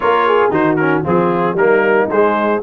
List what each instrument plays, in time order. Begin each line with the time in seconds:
0.00 tuba A#3, trombone F4, horn A#4, trumpet C#5
0.26 horn G#4
0.50 tuba D#3, trombone D#4, horn F#4, trumpet C5
0.75 trombone C#4, trumpet A#4
1.02 tuba F3, trombone C4, horn F4, trumpet G#4
1.53 tuba G3, trombone A#3, horn D#4, trumpet A#4
2.10 tuba G#3, trombone G#3, trumpet C5